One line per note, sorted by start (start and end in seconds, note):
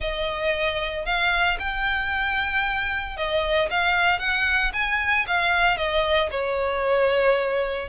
0.00 1.05 D#5
1.05 1.58 F5
1.59 3.16 G5
3.16 3.69 D#5
3.70 4.19 F5
4.19 4.72 F#5
4.73 5.26 G#5
5.27 5.77 F5
5.77 6.29 D#5
6.31 7.88 C#5